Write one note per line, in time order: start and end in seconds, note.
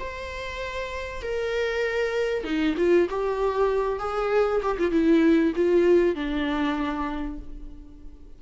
0.00 1.23 C5
1.23 2.44 A#4
2.44 2.75 D#4
2.78 3.08 F4
3.10 4.00 G4
4.00 4.62 G#4
4.63 4.78 G4
4.79 4.91 F4
4.91 5.53 E4
5.56 6.16 F4
6.16 7.39 D4